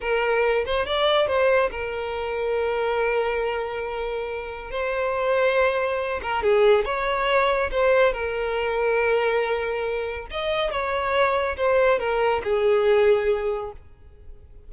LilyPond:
\new Staff \with { instrumentName = "violin" } { \time 4/4 \tempo 4 = 140 ais'4. c''8 d''4 c''4 | ais'1~ | ais'2. c''4~ | c''2~ c''8 ais'8 gis'4 |
cis''2 c''4 ais'4~ | ais'1 | dis''4 cis''2 c''4 | ais'4 gis'2. | }